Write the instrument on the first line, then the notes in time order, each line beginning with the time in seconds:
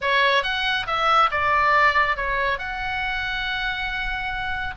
oboe
0.01 C#5
0.43 F#5
0.87 E5
1.31 D5
2.16 C#5
2.58 F#5